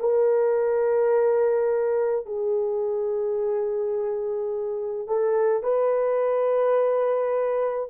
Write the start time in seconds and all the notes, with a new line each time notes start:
0.00 A#4
2.26 G#4
5.07 A4
5.63 B4